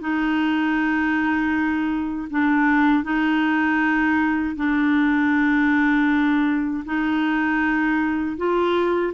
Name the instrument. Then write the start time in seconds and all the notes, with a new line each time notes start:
clarinet
0.00 D#4
2.30 D4
3.03 D#4
4.56 D4
6.85 D#4
8.37 F4